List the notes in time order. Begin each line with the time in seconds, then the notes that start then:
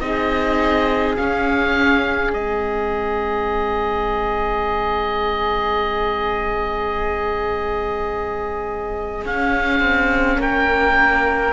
0.00 C4 D#4 G#4 D#5
1.16 C#4 F5
2.32 G#3 C4 D#5
9.25 C#4 F5
9.80 C4
10.38 A#3 A#4 G5